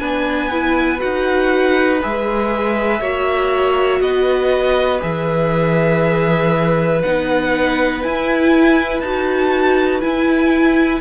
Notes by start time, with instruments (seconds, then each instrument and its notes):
0.00 cello B3, viola D4, violin B4 G#5
0.52 viola E4
0.99 cello D#4, viola F#4, violin F#5
2.02 cello G#3, viola G#4, violin E5
3.01 cello A#3, viola F#4, violin C#5
4.01 cello B3, violin B4 D#5
5.01 cello E3, viola G#4, violin E5
7.02 cello B3, viola D#4, violin F#5
8.00 viola E4, cello E4, violin G#5
9.01 cello D#4, viola F#4, violin A5
10.01 viola E4, cello E4, violin G#5